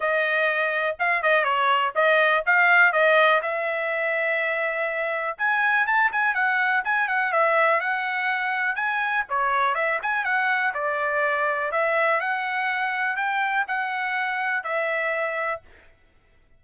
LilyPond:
\new Staff \with { instrumentName = "trumpet" } { \time 4/4 \tempo 4 = 123 dis''2 f''8 dis''8 cis''4 | dis''4 f''4 dis''4 e''4~ | e''2. gis''4 | a''8 gis''8 fis''4 gis''8 fis''8 e''4 |
fis''2 gis''4 cis''4 | e''8 gis''8 fis''4 d''2 | e''4 fis''2 g''4 | fis''2 e''2 | }